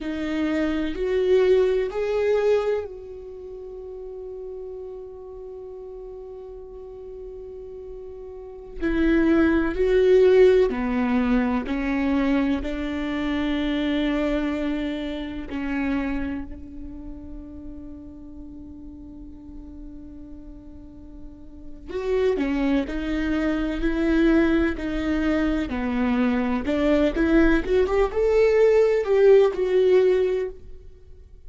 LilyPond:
\new Staff \with { instrumentName = "viola" } { \time 4/4 \tempo 4 = 63 dis'4 fis'4 gis'4 fis'4~ | fis'1~ | fis'4~ fis'16 e'4 fis'4 b8.~ | b16 cis'4 d'2~ d'8.~ |
d'16 cis'4 d'2~ d'8.~ | d'2. fis'8 cis'8 | dis'4 e'4 dis'4 b4 | d'8 e'8 fis'16 g'16 a'4 g'8 fis'4 | }